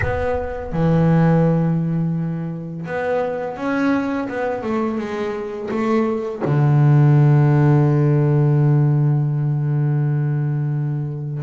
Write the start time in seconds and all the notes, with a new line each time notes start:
0.01 B3
0.72 E3
2.86 B3
3.56 C#4
4.28 B3
4.62 A3
4.98 G#3
5.70 A3
6.44 D3